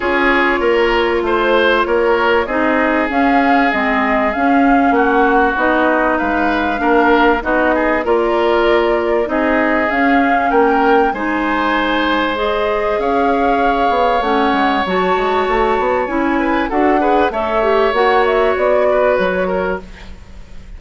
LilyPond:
<<
  \new Staff \with { instrumentName = "flute" } { \time 4/4 \tempo 4 = 97 cis''2 c''4 cis''4 | dis''4 f''4 dis''4 f''4 | fis''4 dis''4 f''2 | dis''4 d''2 dis''4 |
f''4 g''4 gis''2 | dis''4 f''2 fis''4 | a''2 gis''4 fis''4 | e''4 fis''8 e''8 d''4 cis''4 | }
  \new Staff \with { instrumentName = "oboe" } { \time 4/4 gis'4 ais'4 c''4 ais'4 | gis'1 | fis'2 b'4 ais'4 | fis'8 gis'8 ais'2 gis'4~ |
gis'4 ais'4 c''2~ | c''4 cis''2.~ | cis''2~ cis''8 b'8 a'8 b'8 | cis''2~ cis''8 b'4 ais'8 | }
  \new Staff \with { instrumentName = "clarinet" } { \time 4/4 f'1 | dis'4 cis'4 c'4 cis'4~ | cis'4 dis'2 d'4 | dis'4 f'2 dis'4 |
cis'2 dis'2 | gis'2. cis'4 | fis'2 e'4 fis'8 gis'8 | a'8 g'8 fis'2. | }
  \new Staff \with { instrumentName = "bassoon" } { \time 4/4 cis'4 ais4 a4 ais4 | c'4 cis'4 gis4 cis'4 | ais4 b4 gis4 ais4 | b4 ais2 c'4 |
cis'4 ais4 gis2~ | gis4 cis'4. b8 a8 gis8 | fis8 gis8 a8 b8 cis'4 d'4 | a4 ais4 b4 fis4 | }
>>